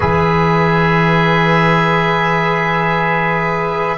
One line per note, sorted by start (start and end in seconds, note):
0.00 3.98 E3
0.00 3.97 G#4
0.00 3.98 B4
0.00 3.98 E5